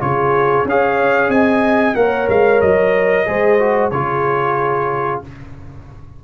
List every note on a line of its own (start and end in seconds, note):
0.00 0.65 C#3
0.00 0.65 F4
0.00 0.68 G#4
0.00 0.66 C#5
0.65 1.29 C#4
0.65 1.95 G#4
0.65 1.30 C#5
0.65 1.30 F5
1.29 1.94 C4
1.29 1.95 D#5
1.29 1.95 G#5
1.95 2.28 A#3
1.95 3.25 A#4
1.95 3.27 C#5
1.95 2.28 F#5
2.28 2.61 G#3
2.28 2.61 F5
2.61 3.27 F#3
2.61 3.90 D#5
3.25 3.91 G#3
3.25 3.58 G#4
3.25 3.93 C5
3.59 3.91 F#4
3.90 5.21 C#3
3.90 5.24 F4
3.90 5.24 G#4
3.90 5.21 C#5